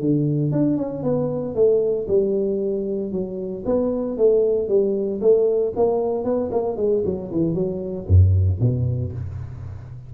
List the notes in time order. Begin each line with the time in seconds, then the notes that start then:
0.00 D3
0.52 D4
0.77 C#4
1.03 B3
1.55 A3
2.08 G3
3.12 F#3
3.65 B3
4.17 A3
4.68 G3
5.21 A3
5.76 A#3
6.24 B3
6.51 A#3
6.77 G#3
7.05 F#3
7.32 E3
7.54 F#3
8.07 F#2
8.60 B2